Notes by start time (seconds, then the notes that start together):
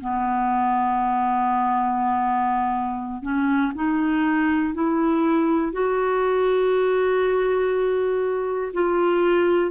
0.00 B3
3.22 C#4
3.75 D#4
4.74 E4
5.72 F#4
8.73 F4